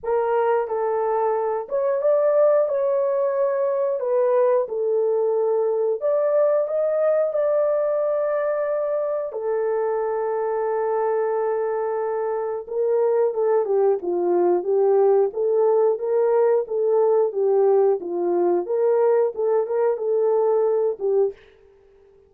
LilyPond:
\new Staff \with { instrumentName = "horn" } { \time 4/4 \tempo 4 = 90 ais'4 a'4. cis''8 d''4 | cis''2 b'4 a'4~ | a'4 d''4 dis''4 d''4~ | d''2 a'2~ |
a'2. ais'4 | a'8 g'8 f'4 g'4 a'4 | ais'4 a'4 g'4 f'4 | ais'4 a'8 ais'8 a'4. g'8 | }